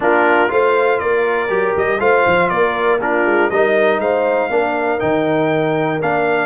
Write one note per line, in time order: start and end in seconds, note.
0.00 0.51 A#3
0.00 0.48 D4
0.00 0.51 F4
0.00 0.51 A#4
0.48 1.00 A3
0.48 1.48 F4
0.48 1.01 C5
0.48 0.99 F5
0.99 1.49 A#3
0.99 2.00 A#4
0.99 1.74 D5
1.48 1.74 F#3
1.48 1.98 G4
1.76 1.99 G3
1.76 2.00 D#5
1.99 2.24 A3
1.99 2.99 F4
1.99 2.50 C5
1.99 2.49 F5
2.26 2.51 F3
2.49 3.25 A#3
2.49 3.01 A#4
2.49 2.99 D5
3.01 3.51 D4
3.01 3.51 F4
3.01 3.49 A#4
3.25 3.50 G#3
3.49 3.98 G3
3.49 4.50 D#4
3.49 4.00 A#4
3.49 3.99 D#5
3.98 4.48 G#3
3.98 4.50 C5
3.98 5.00 F5
4.50 5.00 A#3
4.50 4.98 D4
4.50 6.46 A#4
4.98 6.02 D#3
4.98 5.98 D#4
4.98 6.00 G5
6.02 6.46 A#3
6.02 6.46 D4
6.02 6.46 F5